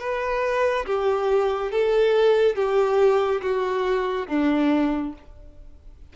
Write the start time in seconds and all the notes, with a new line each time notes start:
0.00 B4
0.86 G4
1.72 A4
2.56 G4
3.42 F#4
4.28 D4